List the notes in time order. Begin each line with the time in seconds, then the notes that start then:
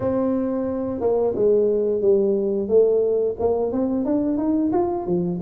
0.00 C4
1.00 A#3
1.35 G#3
2.01 G3
2.68 A3
3.39 A#3
3.72 C4
4.04 D4
4.37 D#4
4.72 F4
5.06 F3